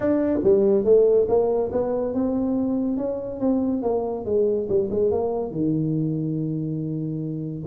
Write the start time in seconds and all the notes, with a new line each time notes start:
0.00 D4
0.43 G3
0.84 A3
1.28 A#3
1.72 B3
2.14 C4
2.97 C#4
3.39 C4
3.82 A#3
4.25 G#3
4.68 G3
4.90 G#3
5.11 A#3
5.51 D#3